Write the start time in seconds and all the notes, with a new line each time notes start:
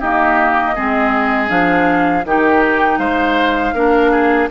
0.00 A#3 D#4 G4 D#5
0.75 G#3 C4 G#4
1.48 F3 D4 F5
2.25 D#3 D#4 G4 G5
2.98 G#3 C5 F5
3.73 A#3 D4 A#4
4.12 G#4